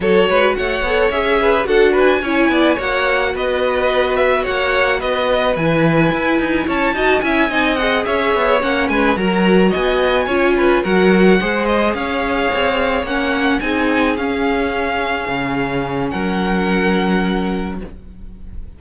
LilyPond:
<<
  \new Staff \with { instrumentName = "violin" } { \time 4/4 \tempo 4 = 108 cis''4 fis''4 e''4 fis''8 gis''8~ | gis''4 fis''4 dis''4. e''8 | fis''4 dis''4 gis''2 | a''4 gis''4 fis''8 e''4 fis''8 |
gis''8 ais''4 gis''2 fis''8~ | fis''4 dis''8 f''2 fis''8~ | fis''8 gis''4 f''2~ f''8~ | f''4 fis''2. | }
  \new Staff \with { instrumentName = "violin" } { \time 4/4 a'8 b'8 cis''4. b'8 a'8 b'8 | cis''8 d''8 cis''4 b'2 | cis''4 b'2. | cis''8 dis''8 e''8 dis''4 cis''4. |
b'8 ais'4 dis''4 cis''8 b'8 ais'8~ | ais'8 c''4 cis''2~ cis''8~ | cis''8 gis'2.~ gis'8~ | gis'4 ais'2. | }
  \new Staff \with { instrumentName = "viola" } { \time 4/4 fis'4. a'8 gis'4 fis'4 | e'4 fis'2.~ | fis'2 e'2~ | e'8 fis'8 e'8 dis'8 gis'4. cis'8~ |
cis'8 fis'2 f'4 fis'8~ | fis'8 gis'2. cis'8~ | cis'8 dis'4 cis'2~ cis'8~ | cis'1 | }
  \new Staff \with { instrumentName = "cello" } { \time 4/4 fis8 gis8 a8 b8 cis'4 d'4 | cis'8 b8 ais4 b2 | ais4 b4 e4 e'8 dis'8 | cis'8 dis'8 cis'8 c'4 cis'8 b8 ais8 |
gis8 fis4 b4 cis'4 fis8~ | fis8 gis4 cis'4 c'4 ais8~ | ais8 c'4 cis'2 cis8~ | cis4 fis2. | }
>>